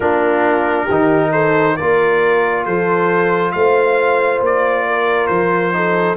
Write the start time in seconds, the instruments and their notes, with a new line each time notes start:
0.00 tuba A#3, trombone D4, horn F4, trumpet A#4
0.84 tuba D#3, trombone D#4, horn G4
1.32 horn A4, trumpet C5
1.76 tuba A#3, trombone F4, horn A#4, trumpet D5
2.64 tuba F3, horn A4, trumpet C5
3.51 tuba A3, horn C5, trumpet F5
4.40 tuba A#3, trumpet D5
4.86 horn A#4
5.26 tuba F3, trumpet C5
5.72 trombone D#4, horn A4